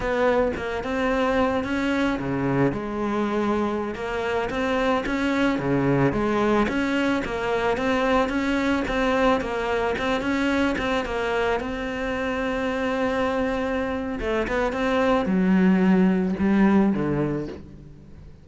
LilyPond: \new Staff \with { instrumentName = "cello" } { \time 4/4 \tempo 4 = 110 b4 ais8 c'4. cis'4 | cis4 gis2~ gis16 ais8.~ | ais16 c'4 cis'4 cis4 gis8.~ | gis16 cis'4 ais4 c'4 cis'8.~ |
cis'16 c'4 ais4 c'8 cis'4 c'16~ | c'16 ais4 c'2~ c'8.~ | c'2 a8 b8 c'4 | fis2 g4 d4 | }